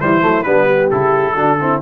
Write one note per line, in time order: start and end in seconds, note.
0.00 0.23 E3
0.00 0.21 G3
0.00 0.45 E4
0.00 0.43 C5
0.21 0.46 F#3
0.21 0.44 A3
0.43 0.91 G3
0.43 0.92 B3
0.43 0.66 D4
0.43 0.89 B4
0.66 1.34 G4
0.91 1.35 C#3
0.91 1.36 E4
0.91 1.82 A4
1.34 1.80 D3
1.34 1.59 D4
1.34 1.57 F#4
1.60 1.82 C4
1.60 1.82 E4